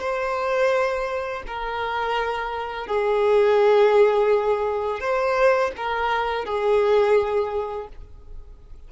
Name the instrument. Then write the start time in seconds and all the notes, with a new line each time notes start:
violin
0.00 C5
1.47 A#4
2.87 G#4
5.00 C5
5.77 A#4
6.45 G#4